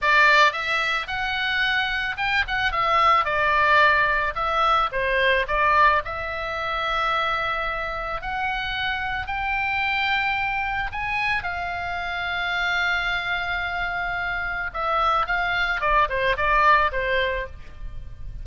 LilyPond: \new Staff \with { instrumentName = "oboe" } { \time 4/4 \tempo 4 = 110 d''4 e''4 fis''2 | g''8 fis''8 e''4 d''2 | e''4 c''4 d''4 e''4~ | e''2. fis''4~ |
fis''4 g''2. | gis''4 f''2.~ | f''2. e''4 | f''4 d''8 c''8 d''4 c''4 | }